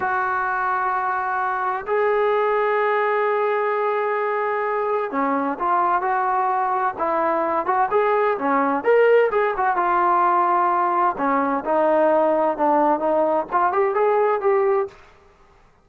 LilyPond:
\new Staff \with { instrumentName = "trombone" } { \time 4/4 \tempo 4 = 129 fis'1 | gis'1~ | gis'2. cis'4 | f'4 fis'2 e'4~ |
e'8 fis'8 gis'4 cis'4 ais'4 | gis'8 fis'8 f'2. | cis'4 dis'2 d'4 | dis'4 f'8 g'8 gis'4 g'4 | }